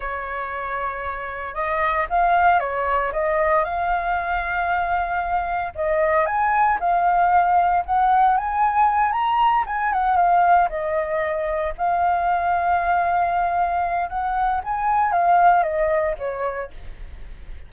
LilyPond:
\new Staff \with { instrumentName = "flute" } { \time 4/4 \tempo 4 = 115 cis''2. dis''4 | f''4 cis''4 dis''4 f''4~ | f''2. dis''4 | gis''4 f''2 fis''4 |
gis''4. ais''4 gis''8 fis''8 f''8~ | f''8 dis''2 f''4.~ | f''2. fis''4 | gis''4 f''4 dis''4 cis''4 | }